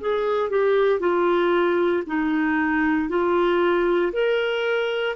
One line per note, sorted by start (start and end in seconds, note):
0.00 0.50 G#4
0.50 1.00 G4
1.00 2.03 F4
2.07 3.09 D#4
3.09 4.12 F4
4.12 5.16 A#4